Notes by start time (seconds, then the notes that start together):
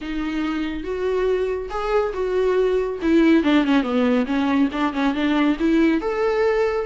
0.01 D#4
0.83 F#4
1.69 G#4
2.13 F#4
3.02 E4
3.43 D4
3.64 C#4
3.83 B3
4.26 C#4
4.72 D4
4.93 C#4
5.14 D4
5.59 E4
6.01 A4